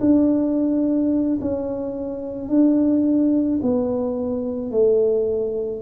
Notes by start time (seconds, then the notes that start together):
0.00 D4
1.41 C#4
2.48 D4
3.62 B3
4.71 A3